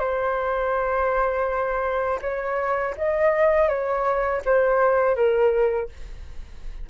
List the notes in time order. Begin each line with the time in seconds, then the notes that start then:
0.00 C5
2.22 C#5
2.97 D#5
3.69 C#5
4.45 C5
5.16 A#4